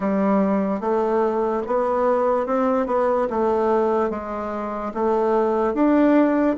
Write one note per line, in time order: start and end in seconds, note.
0.00 0.80 G3
0.80 1.62 A3
1.66 2.46 B3
2.46 2.86 C4
2.86 3.27 B3
3.30 4.10 A3
4.10 4.92 G#3
4.94 5.73 A3
5.73 6.56 D4